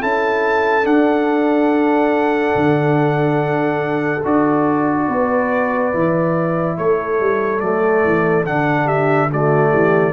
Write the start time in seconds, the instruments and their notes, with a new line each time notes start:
0.00 tuba C#4, trombone E4, horn A4, trumpet A5
0.83 trombone D4, tuba D4, trumpet F#5
2.55 tuba D3
4.24 tuba D4, trombone F#4, trumpet D5
5.08 tuba B3, horn B4
5.93 tuba E3, trombone E4
6.77 tuba A3, horn A4, trumpet C#5
7.20 tuba G3
7.60 tuba F#3, trombone A3, trumpet D5
8.05 tuba E3
8.45 tuba D3, trombone D4, trumpet F#5
8.85 horn G4, trumpet E5
9.32 trombone A3, horn F#4, trumpet D5
9.70 tuba E3, horn G4